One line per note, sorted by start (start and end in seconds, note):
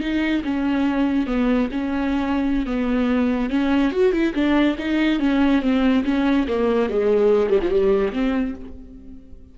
0.00 0.42 D#4
0.44 1.26 C#4
1.26 1.69 B3
1.71 2.66 C#4
2.66 3.50 B3
3.50 3.91 C#4
3.91 4.12 F#4
4.12 4.33 E4
4.34 4.76 D4
4.78 5.19 D#4
5.19 5.61 C#4
5.61 6.04 C4
6.04 6.47 C#4
6.47 6.89 A#3
6.89 7.49 G#3
7.49 7.60 G3
7.62 7.70 F3
7.70 8.12 G3
8.12 8.54 C4